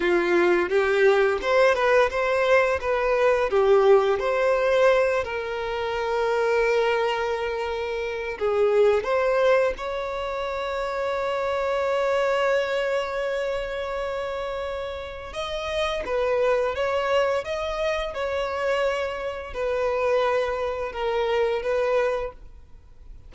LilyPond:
\new Staff \with { instrumentName = "violin" } { \time 4/4 \tempo 4 = 86 f'4 g'4 c''8 b'8 c''4 | b'4 g'4 c''4. ais'8~ | ais'1 | gis'4 c''4 cis''2~ |
cis''1~ | cis''2 dis''4 b'4 | cis''4 dis''4 cis''2 | b'2 ais'4 b'4 | }